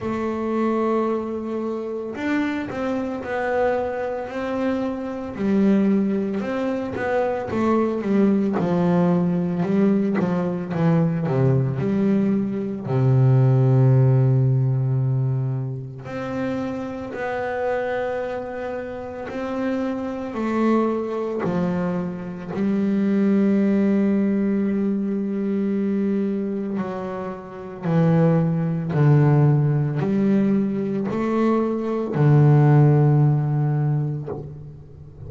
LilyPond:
\new Staff \with { instrumentName = "double bass" } { \time 4/4 \tempo 4 = 56 a2 d'8 c'8 b4 | c'4 g4 c'8 b8 a8 g8 | f4 g8 f8 e8 c8 g4 | c2. c'4 |
b2 c'4 a4 | f4 g2.~ | g4 fis4 e4 d4 | g4 a4 d2 | }